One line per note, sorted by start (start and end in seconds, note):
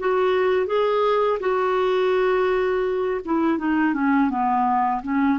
0.00 0.67 F#4
0.67 1.39 G#4
1.40 3.21 F#4
3.26 3.58 E4
3.58 3.95 D#4
3.95 4.30 C#4
4.30 5.02 B3
5.03 5.39 C#4